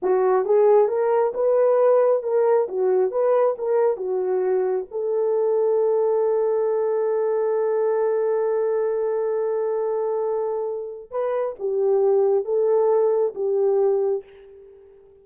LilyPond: \new Staff \with { instrumentName = "horn" } { \time 4/4 \tempo 4 = 135 fis'4 gis'4 ais'4 b'4~ | b'4 ais'4 fis'4 b'4 | ais'4 fis'2 a'4~ | a'1~ |
a'1~ | a'1~ | a'4 b'4 g'2 | a'2 g'2 | }